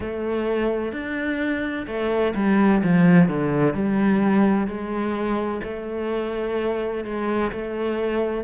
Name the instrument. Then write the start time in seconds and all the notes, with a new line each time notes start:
cello
0.00 A3
0.92 D4
1.87 A3
2.35 G3
2.83 F3
3.28 D3
3.74 G3
4.67 G#3
5.63 A3
7.04 G#3
7.51 A3